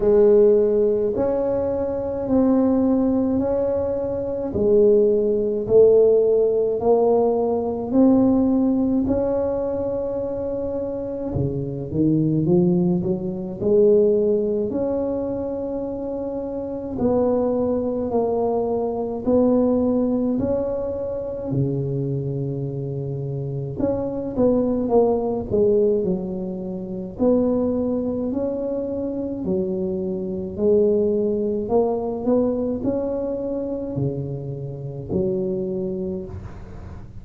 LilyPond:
\new Staff \with { instrumentName = "tuba" } { \time 4/4 \tempo 4 = 53 gis4 cis'4 c'4 cis'4 | gis4 a4 ais4 c'4 | cis'2 cis8 dis8 f8 fis8 | gis4 cis'2 b4 |
ais4 b4 cis'4 cis4~ | cis4 cis'8 b8 ais8 gis8 fis4 | b4 cis'4 fis4 gis4 | ais8 b8 cis'4 cis4 fis4 | }